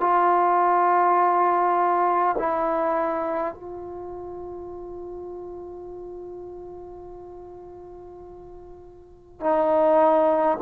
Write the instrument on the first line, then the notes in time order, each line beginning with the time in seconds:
trombone
0.00 F4
2.39 E4
3.54 F4
9.40 D#4